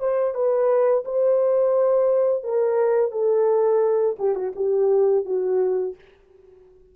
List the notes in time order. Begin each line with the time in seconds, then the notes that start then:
0.00 C5
0.34 B4
1.05 C5
2.44 A#4
3.12 A4
4.19 G4
4.35 F#4
4.55 G4
5.25 F#4